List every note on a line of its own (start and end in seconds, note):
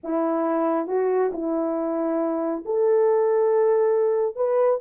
0.03 0.87 E4
0.87 1.31 F#4
1.32 2.64 E4
2.65 4.35 A4
4.35 4.79 B4